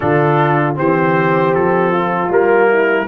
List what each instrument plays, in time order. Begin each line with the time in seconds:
0.00 tuba D3, trombone D4, horn F4, trumpet A4
0.74 tuba E3, trombone C4, horn G4, trumpet C5
1.54 tuba F3, trumpet A4
1.91 horn F4
2.29 tuba G3, trombone A#3, trumpet A#4
2.68 horn E4